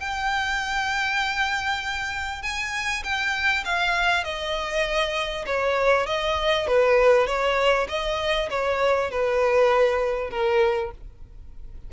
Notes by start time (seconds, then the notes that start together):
0.00 G5
2.42 G#5
3.03 G5
3.65 F5
4.24 D#5
5.46 C#5
6.07 D#5
6.67 B4
7.27 C#5
7.88 D#5
8.50 C#5
9.11 B4
10.31 A#4